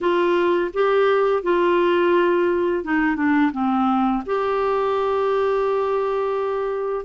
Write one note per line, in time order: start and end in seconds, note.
0.00 0.71 F4
0.73 1.42 G4
1.42 2.84 F4
2.84 3.16 D#4
3.16 3.51 D4
3.52 4.23 C4
4.25 7.05 G4